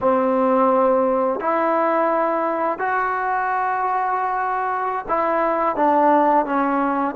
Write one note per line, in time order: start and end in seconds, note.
0.00 1.40 C4
1.40 2.78 E4
2.78 5.05 F#4
5.08 5.76 E4
5.76 6.45 D4
6.45 7.15 C#4